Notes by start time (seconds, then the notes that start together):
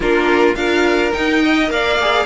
0.00 A#3 D4 F4 A#4
0.55 D4 F4 A#4 F5
1.12 D#4 G5
1.44 D#5
1.67 A#3 A#4 D5 F5
2.01 G#4